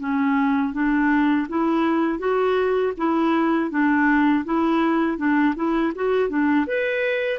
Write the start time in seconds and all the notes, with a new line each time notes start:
0.00 C#4
0.73 D4
1.49 E4
2.19 F#4
2.98 E4
3.71 D4
4.45 E4
5.18 D4
5.56 E4
5.96 F#4
6.30 D4
6.67 B4